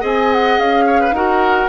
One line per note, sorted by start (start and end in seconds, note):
0.00 0.58 C4
0.00 1.11 G#4
0.00 0.83 D#5
0.00 0.33 G#5
0.33 0.59 F#5
0.58 1.11 C#4
0.58 1.14 F5
0.87 1.00 C#5
1.00 1.14 B4
1.11 1.66 D#4
1.11 1.69 F#4
1.11 1.69 A#4
1.11 1.69 F#5